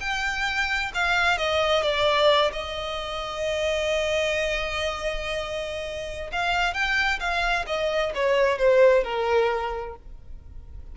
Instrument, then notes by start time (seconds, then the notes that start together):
violin
0.00 G5
0.94 F5
1.38 D#5
1.83 D5
2.53 D#5
6.32 F5
6.74 G5
7.20 F5
7.67 D#5
8.15 C#5
8.58 C5
9.04 A#4